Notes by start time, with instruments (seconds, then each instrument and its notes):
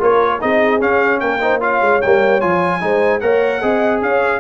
0.00 tuba A#3, trombone F4, horn A#4, trumpet C#5
0.41 tuba C4, trombone D#4, horn G#4, trumpet D#5
0.80 trombone C#4, tuba C#4, trumpet F5
1.20 tuba A#3, horn A#4, trumpet G5
1.41 trombone D#4, horn C5
1.60 trombone F4, horn C#5, trumpet F5
1.82 tuba G#3
2.02 tuba G3, trombone A#3, trumpet G5
2.41 tuba F3, trombone F4, trumpet G#5
2.81 tuba G#3, trombone D#4, horn C5
3.21 tuba A#3, trombone A#4, horn C#5, trumpet F#5
3.61 tuba C4, trombone G#4, horn D#5
4.02 tuba C#4, horn C#5, trumpet F5